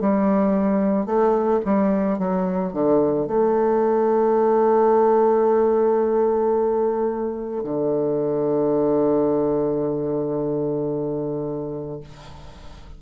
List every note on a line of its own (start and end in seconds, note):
0.00 1.06 G3
1.06 1.60 A3
1.65 2.18 G3
2.18 2.73 F#3
2.73 3.27 D3
3.27 7.63 A3
7.64 12.00 D3